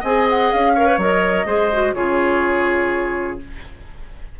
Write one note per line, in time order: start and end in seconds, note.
0.00 0.52 C4
0.00 0.77 G#4
0.00 0.73 D#5
0.00 0.28 G#5
0.30 0.52 F#5
0.52 0.98 C#4
0.52 1.01 F5
0.75 0.86 A#4
0.75 1.46 C#5
0.86 0.98 B4
0.98 1.45 F#3
0.98 1.46 A#4
0.98 1.94 D#5
1.45 1.94 G#3
1.45 1.70 G#4
1.45 1.95 C5
1.72 1.95 F#4
1.94 3.40 C#3
1.94 3.40 F4
1.94 3.40 G#4
1.94 3.39 C#5